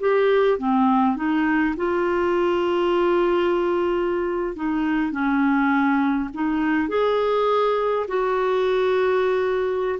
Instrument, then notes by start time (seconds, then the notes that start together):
clarinet
0.00 G4
0.59 C4
1.16 D#4
1.77 F4
4.56 D#4
5.12 C#4
6.34 D#4
6.89 G#4
8.08 F#4